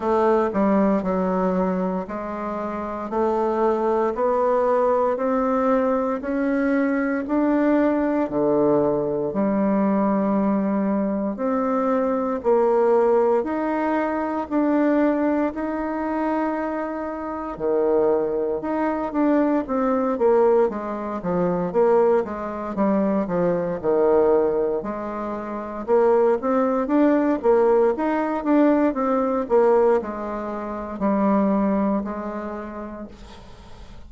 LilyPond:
\new Staff \with { instrumentName = "bassoon" } { \time 4/4 \tempo 4 = 58 a8 g8 fis4 gis4 a4 | b4 c'4 cis'4 d'4 | d4 g2 c'4 | ais4 dis'4 d'4 dis'4~ |
dis'4 dis4 dis'8 d'8 c'8 ais8 | gis8 f8 ais8 gis8 g8 f8 dis4 | gis4 ais8 c'8 d'8 ais8 dis'8 d'8 | c'8 ais8 gis4 g4 gis4 | }